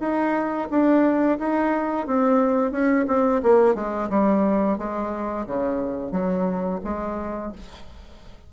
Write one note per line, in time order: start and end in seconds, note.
0.00 0.68 D#4
0.70 1.38 D4
1.39 2.07 D#4
2.07 2.71 C4
2.71 3.06 C#4
3.07 3.41 C4
3.43 3.75 A#3
3.75 4.09 G#3
4.09 4.78 G3
4.78 5.46 G#3
5.46 6.11 C#3
6.11 6.79 F#3
6.84 7.52 G#3